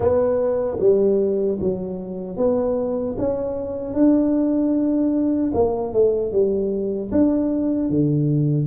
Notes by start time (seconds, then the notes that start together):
0.00 B3
0.79 G3
1.60 F#3
2.36 B3
3.18 C#4
3.94 D4
5.54 A#3
5.93 A3
6.32 G3
7.11 D4
7.89 D3